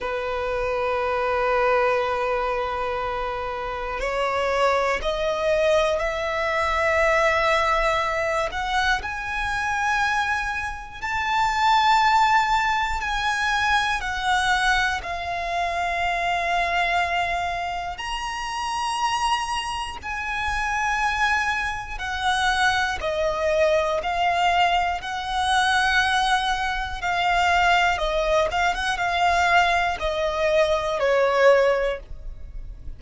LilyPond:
\new Staff \with { instrumentName = "violin" } { \time 4/4 \tempo 4 = 60 b'1 | cis''4 dis''4 e''2~ | e''8 fis''8 gis''2 a''4~ | a''4 gis''4 fis''4 f''4~ |
f''2 ais''2 | gis''2 fis''4 dis''4 | f''4 fis''2 f''4 | dis''8 f''16 fis''16 f''4 dis''4 cis''4 | }